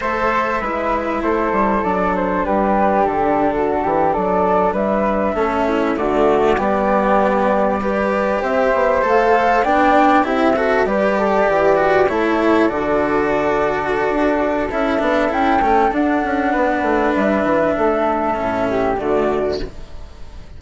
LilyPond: <<
  \new Staff \with { instrumentName = "flute" } { \time 4/4 \tempo 4 = 98 e''2 c''4 d''8 c''8 | b'4 a'4.~ a'16 d''4 e''16~ | e''4.~ e''16 d''2~ d''16~ | d''4.~ d''16 e''4 f''4 g''16~ |
g''8. e''4 d''2 cis''16~ | cis''8. d''2.~ d''16 | e''4 g''4 fis''2 | e''2. d''4 | }
  \new Staff \with { instrumentName = "flute" } { \time 4/4 c''4 b'4 a'2 | g'4.~ g'16 fis'8 g'8 a'4 b'16~ | b'8. a'8 e'8 fis'4 g'4~ g'16~ | g'8. b'4 c''2 d''16~ |
d''8. g'8 a'8 b'8 a'8 g'4 a'16~ | a'1~ | a'2. b'4~ | b'4 a'4. g'8 fis'4 | }
  \new Staff \with { instrumentName = "cello" } { \time 4/4 a'4 e'2 d'4~ | d'1~ | d'8. cis'4 a4 b4~ b16~ | b8. g'2 a'4 d'16~ |
d'8. e'8 fis'8 g'4. fis'8 e'16~ | e'8. fis'2.~ fis'16 | e'8 d'8 e'8 cis'8 d'2~ | d'2 cis'4 a4 | }
  \new Staff \with { instrumentName = "bassoon" } { \time 4/4 a4 gis4 a8 g8 fis4 | g4 d4~ d16 e8 fis4 g16~ | g8. a4 d4 g4~ g16~ | g4.~ g16 c'8 b8 a4 b16~ |
b8. c'4 g4 e4 a16~ | a8. d2~ d16 d'4 | cis'8 b8 cis'8 a8 d'8 cis'8 b8 a8 | g8 e8 a4 a,4 d4 | }
>>